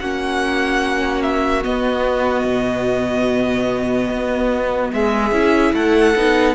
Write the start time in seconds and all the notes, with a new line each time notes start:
0.00 A#3 C#4 F#4 F#5
1.23 E5
1.63 B3 D#5
2.45 B2
4.10 B3
4.93 G#3 G#4 E5
5.32 C#4 E4
5.74 A3 A4 F#5
6.16 B3 D#4